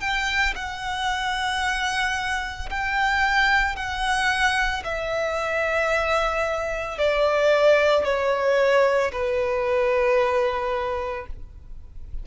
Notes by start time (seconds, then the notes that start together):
0.00 G5
0.55 F#5
2.70 G5
3.76 F#5
4.84 E5
6.98 D5
8.04 C#5
9.12 B4